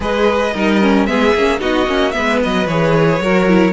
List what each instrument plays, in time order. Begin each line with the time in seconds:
0.00 cello G#3, viola G#4, violin B4 D#5
0.54 cello G3, viola D#4, violin A#4
0.81 viola C#4
1.05 cello G#3, viola B3, violin G#4 E5
1.34 cello A#3, viola C#4
1.59 cello B3, viola D#4, violin F#4 D#5
1.86 cello A#3, viola C#4
2.11 cello G#3, viola B3, violin B4 E5
2.43 cello F#3, violin D#5
2.67 cello E3, viola G#4, violin C#5
3.19 cello F#3, viola F#4, violin A#4
3.48 viola E4